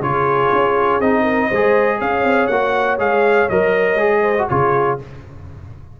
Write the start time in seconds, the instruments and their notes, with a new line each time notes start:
0.00 tuba C#3, trombone F4, horn G#4, trumpet C#5
0.52 tuba C#4
1.00 tuba C4, trombone D#4, trumpet D#5
1.22 horn A#4
1.48 tuba G#3, horn C5
1.54 trombone G#4
1.99 tuba C#4, horn C#5, trumpet F5
2.23 tuba C4
2.47 tuba A#3, trombone F#4, trumpet F#5
2.98 tuba G#3, trombone G#4, trumpet F5
3.49 tuba F#3, trombone A#4, trumpet D#5
3.95 tuba G#3, trombone G#4
4.21 horn C5
4.38 trombone F#4
4.48 tuba C#3, trombone F4, horn G#4, trumpet C#5